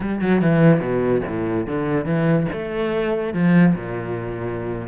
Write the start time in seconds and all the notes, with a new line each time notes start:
0.00 G3
0.21 F#3
0.41 E3
0.80 B2
1.27 A2
1.66 D3
2.05 E3
2.52 A3
3.33 F3
3.75 A#2